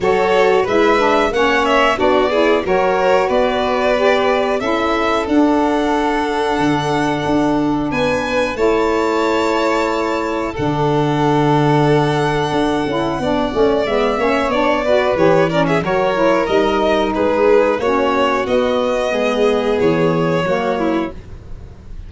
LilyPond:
<<
  \new Staff \with { instrumentName = "violin" } { \time 4/4 \tempo 4 = 91 cis''4 e''4 fis''8 e''8 d''4 | cis''4 d''2 e''4 | fis''1 | gis''4 a''2. |
fis''1~ | fis''4 e''4 d''4 cis''8 d''16 e''16 | cis''4 dis''4 b'4 cis''4 | dis''2 cis''2 | }
  \new Staff \with { instrumentName = "violin" } { \time 4/4 a'4 b'4 cis''4 fis'8 gis'8 | ais'4 b'2 a'4~ | a'1 | b'4 cis''2. |
a'1 | d''4. cis''4 b'4 ais'16 gis'16 | ais'2 gis'4 fis'4~ | fis'4 gis'2 fis'8 e'8 | }
  \new Staff \with { instrumentName = "saxophone" } { \time 4/4 fis'4 e'8 d'8 cis'4 d'8 e'8 | fis'2 g'4 e'4 | d'1~ | d'4 e'2. |
d'2.~ d'8 e'8 | d'8 cis'8 b8 cis'8 d'8 fis'8 g'8 cis'8 | fis'8 e'8 dis'2 cis'4 | b2. ais4 | }
  \new Staff \with { instrumentName = "tuba" } { \time 4/4 fis4 gis4 ais4 b4 | fis4 b2 cis'4 | d'2 d4 d'4 | b4 a2. |
d2. d'8 cis'8 | b8 a8 gis8 ais8 b4 e4 | fis4 g4 gis4 ais4 | b4 gis4 e4 fis4 | }
>>